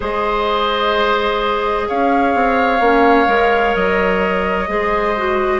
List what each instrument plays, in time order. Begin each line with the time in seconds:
0.00 bassoon G#3, clarinet G#4, oboe C5, flute D#5
1.88 bassoon C#4, oboe C#5, flute F5
2.34 bassoon C4
2.80 bassoon A#3, clarinet C#4
3.26 bassoon G#3, clarinet A#4
3.75 bassoon F#3, flute D#5
4.67 bassoon G#3, clarinet G#4, oboe C5
5.17 clarinet F#4